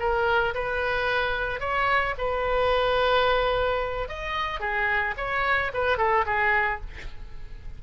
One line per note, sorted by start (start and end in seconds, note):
0.00 0.55 A#4
0.55 1.60 B4
1.60 2.15 C#5
2.18 4.09 B4
4.09 4.60 D#5
4.60 5.15 G#4
5.18 5.72 C#5
5.74 5.98 B4
5.98 6.26 A4
6.26 6.81 G#4